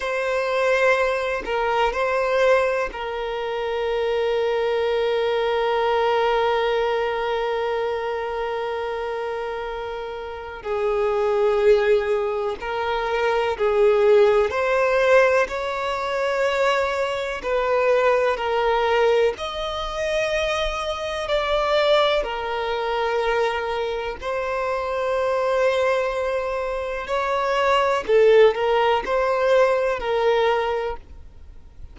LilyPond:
\new Staff \with { instrumentName = "violin" } { \time 4/4 \tempo 4 = 62 c''4. ais'8 c''4 ais'4~ | ais'1~ | ais'2. gis'4~ | gis'4 ais'4 gis'4 c''4 |
cis''2 b'4 ais'4 | dis''2 d''4 ais'4~ | ais'4 c''2. | cis''4 a'8 ais'8 c''4 ais'4 | }